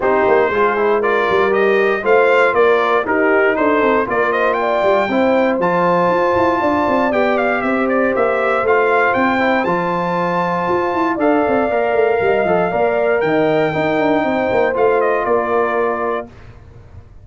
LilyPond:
<<
  \new Staff \with { instrumentName = "trumpet" } { \time 4/4 \tempo 4 = 118 c''2 d''4 dis''4 | f''4 d''4 ais'4 c''4 | d''8 dis''8 g''2 a''4~ | a''2 g''8 f''8 e''8 d''8 |
e''4 f''4 g''4 a''4~ | a''2 f''2~ | f''2 g''2~ | g''4 f''8 dis''8 d''2 | }
  \new Staff \with { instrumentName = "horn" } { \time 4/4 g'4 gis'4 ais'2 | c''4 ais'4 g'4 a'4 | ais'8 c''8 d''4 c''2~ | c''4 d''2 c''4~ |
c''1~ | c''2 d''2 | dis''4 d''4 dis''4 ais'4 | c''2 ais'2 | }
  \new Staff \with { instrumentName = "trombone" } { \time 4/4 dis'4 f'8 e'8 f'4 g'4 | f'2 dis'2 | f'2 e'4 f'4~ | f'2 g'2~ |
g'4 f'4. e'8 f'4~ | f'2 a'4 ais'4~ | ais'8 a'8 ais'2 dis'4~ | dis'4 f'2. | }
  \new Staff \with { instrumentName = "tuba" } { \time 4/4 c'8 ais8 gis4. g4. | a4 ais4 dis'4 d'8 c'8 | ais4. g8 c'4 f4 | f'8 e'8 d'8 c'8 b4 c'4 |
ais4 a4 c'4 f4~ | f4 f'8 e'8 d'8 c'8 ais8 a8 | g8 f8 ais4 dis4 dis'8 d'8 | c'8 ais8 a4 ais2 | }
>>